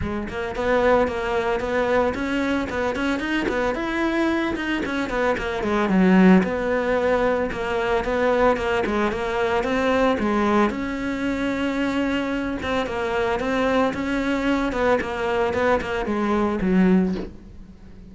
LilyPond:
\new Staff \with { instrumentName = "cello" } { \time 4/4 \tempo 4 = 112 gis8 ais8 b4 ais4 b4 | cis'4 b8 cis'8 dis'8 b8 e'4~ | e'8 dis'8 cis'8 b8 ais8 gis8 fis4 | b2 ais4 b4 |
ais8 gis8 ais4 c'4 gis4 | cis'2.~ cis'8 c'8 | ais4 c'4 cis'4. b8 | ais4 b8 ais8 gis4 fis4 | }